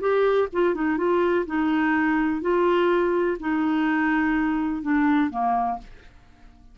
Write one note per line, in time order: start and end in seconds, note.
0.00 0.48 G4
0.53 0.74 F4
0.74 0.97 D#4
0.97 1.45 F4
1.46 2.41 D#4
2.41 3.37 F4
3.40 4.82 D#4
4.82 5.30 D4
5.30 5.78 A#3